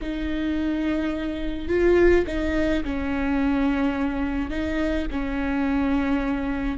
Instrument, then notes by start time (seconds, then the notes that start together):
viola
0.01 D#4
1.68 F4
2.26 D#4
2.84 C#4
4.50 D#4
5.11 C#4